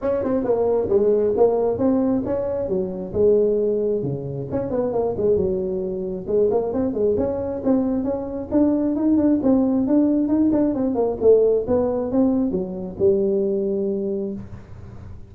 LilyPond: \new Staff \with { instrumentName = "tuba" } { \time 4/4 \tempo 4 = 134 cis'8 c'8 ais4 gis4 ais4 | c'4 cis'4 fis4 gis4~ | gis4 cis4 cis'8 b8 ais8 gis8 | fis2 gis8 ais8 c'8 gis8 |
cis'4 c'4 cis'4 d'4 | dis'8 d'8 c'4 d'4 dis'8 d'8 | c'8 ais8 a4 b4 c'4 | fis4 g2. | }